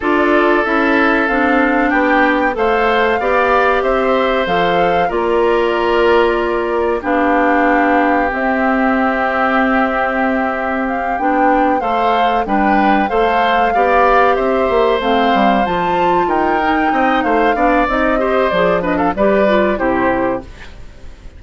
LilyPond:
<<
  \new Staff \with { instrumentName = "flute" } { \time 4/4 \tempo 4 = 94 d''4 e''4 f''4 g''4 | f''2 e''4 f''4 | d''2. f''4~ | f''4 e''2.~ |
e''4 f''8 g''4 f''4 g''8~ | g''8 f''2 e''4 f''8~ | f''8 a''4 g''4. f''4 | dis''4 d''8 dis''16 f''16 d''4 c''4 | }
  \new Staff \with { instrumentName = "oboe" } { \time 4/4 a'2. g'4 | c''4 d''4 c''2 | ais'2. g'4~ | g'1~ |
g'2~ g'8 c''4 b'8~ | b'8 c''4 d''4 c''4.~ | c''4. ais'4 dis''8 c''8 d''8~ | d''8 c''4 b'16 a'16 b'4 g'4 | }
  \new Staff \with { instrumentName = "clarinet" } { \time 4/4 f'4 e'4 d'2 | a'4 g'2 a'4 | f'2. d'4~ | d'4 c'2.~ |
c'4. d'4 a'4 d'8~ | d'8 a'4 g'2 c'8~ | c'8 f'4. dis'4. d'8 | dis'8 g'8 gis'8 d'8 g'8 f'8 e'4 | }
  \new Staff \with { instrumentName = "bassoon" } { \time 4/4 d'4 cis'4 c'4 b4 | a4 b4 c'4 f4 | ais2. b4~ | b4 c'2.~ |
c'4. b4 a4 g8~ | g8 a4 b4 c'8 ais8 a8 | g8 f4 dis'4 c'8 a8 b8 | c'4 f4 g4 c4 | }
>>